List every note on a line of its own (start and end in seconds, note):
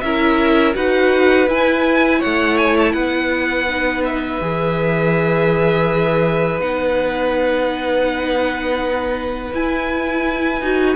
0.00 0.75 C#4
0.00 0.73 E4
0.00 0.75 A#4
0.00 0.73 E5
0.73 1.47 D#4
0.73 1.46 F#4
0.73 2.19 B4
0.73 1.49 F#5
1.47 2.20 E4
1.47 3.67 E4
1.47 2.21 G#5
2.19 2.92 C#5
2.19 2.57 F#5
2.25 2.93 A3
2.57 2.76 G#5
2.78 2.92 A5
2.92 4.40 B3
2.92 10.95 B4
2.92 4.02 F#5
3.68 4.41 D#4
4.04 6.60 E5
4.40 6.59 E3
4.40 6.60 G#4
6.59 9.52 B3
6.59 9.52 D#4
6.59 9.53 F#5
9.52 10.61 E4
9.52 10.62 E4
9.52 10.95 G#5
10.61 10.95 D#4
10.61 10.95 F#4